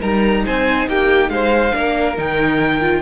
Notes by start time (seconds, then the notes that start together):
0.00 G3 D#4 A#4 A#5
0.46 C4 C5 G#5
0.87 A#3 G4 G5
1.29 G#3 C5 F5
1.72 A#3 D4 A#4
2.17 D#3 D#4 G5
2.81 F4